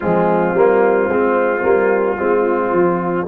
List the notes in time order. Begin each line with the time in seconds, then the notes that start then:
0.00 F3 G#3 C4 F4
0.53 G3 A#3
1.07 G#3 C4
1.62 G3 A#3
2.17 G#3 C4 F4
2.72 F3